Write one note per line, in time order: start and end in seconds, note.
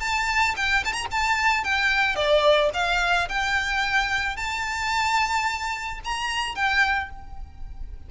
0.00 0.55 A5
0.56 0.84 G5
0.85 0.92 A5
0.92 1.06 A#5
1.11 1.64 A5
1.64 2.15 G5
2.15 2.70 D5
2.73 3.28 F5
3.28 4.36 G5
4.36 6.00 A5
6.04 6.55 A#5
6.55 7.09 G5